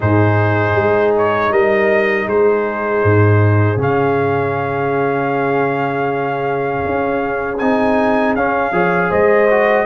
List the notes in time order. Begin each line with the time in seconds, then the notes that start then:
0.00 G#2 D#4 G#4 C5
0.75 G#3
1.17 C#5
1.51 G3 A#4 D#5
2.26 G#3 G#4 C5
3.03 G#2
3.76 C#3 C#4 F5
6.85 C#4
7.58 C4 D#4 G#5
8.35 C#4 F5
8.72 F3 G#4 C#5
9.09 G#3 C5 D#5
9.50 F#4